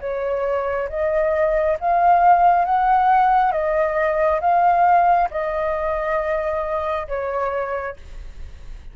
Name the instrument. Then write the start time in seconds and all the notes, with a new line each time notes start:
flute
0.00 C#5
0.89 D#5
1.79 F5
2.65 F#5
3.51 D#5
4.40 F5
5.30 D#5
7.07 C#5